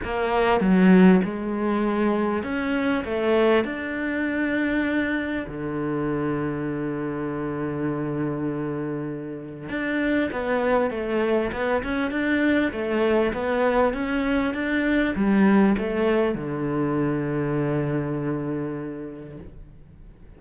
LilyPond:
\new Staff \with { instrumentName = "cello" } { \time 4/4 \tempo 4 = 99 ais4 fis4 gis2 | cis'4 a4 d'2~ | d'4 d2.~ | d1 |
d'4 b4 a4 b8 cis'8 | d'4 a4 b4 cis'4 | d'4 g4 a4 d4~ | d1 | }